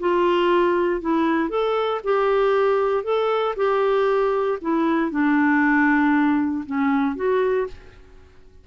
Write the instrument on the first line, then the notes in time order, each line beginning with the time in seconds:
clarinet
0.00 F4
1.01 E4
1.50 A4
2.04 G4
3.03 A4
3.56 G4
4.62 E4
5.11 D4
6.66 C#4
7.16 F#4